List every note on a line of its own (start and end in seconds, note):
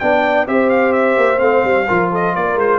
0.00 0.48 B3
0.00 0.47 D4
0.00 0.47 D5
0.00 0.47 G5
0.47 1.18 C4
0.47 1.38 G4
0.47 1.88 C5
0.47 0.70 E5
0.70 0.93 F5
0.93 1.39 E5
1.18 1.41 A#3
1.38 1.64 A3
1.38 1.85 C4
1.38 2.10 F5
1.65 1.88 G3
1.88 2.37 F3
1.88 2.80 F4
1.88 2.11 A#4
2.11 2.35 A4
2.11 2.36 D#5
2.36 2.56 A#3
2.36 2.80 A#4
2.36 2.59 D5
2.56 2.79 G#3
2.56 2.80 C5